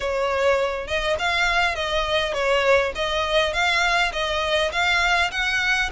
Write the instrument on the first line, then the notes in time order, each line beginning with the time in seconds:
violin
0.00 C#5
0.87 D#5
1.18 F5
1.75 D#5
2.33 C#5
2.95 D#5
3.53 F5
4.12 D#5
4.71 F5
5.31 F#5